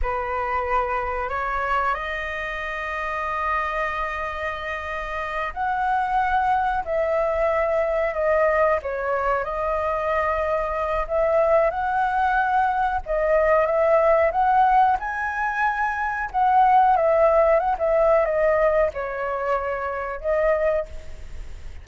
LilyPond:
\new Staff \with { instrumentName = "flute" } { \time 4/4 \tempo 4 = 92 b'2 cis''4 dis''4~ | dis''1~ | dis''8 fis''2 e''4.~ | e''8 dis''4 cis''4 dis''4.~ |
dis''4 e''4 fis''2 | dis''4 e''4 fis''4 gis''4~ | gis''4 fis''4 e''4 fis''16 e''8. | dis''4 cis''2 dis''4 | }